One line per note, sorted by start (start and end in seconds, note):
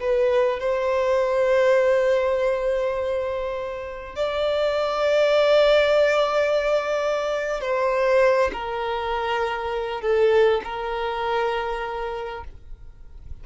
0.00 0.60 B4
0.60 4.16 C5
4.16 7.61 D5
7.61 8.51 C5
8.53 10.01 A#4
10.01 10.61 A4
10.64 12.44 A#4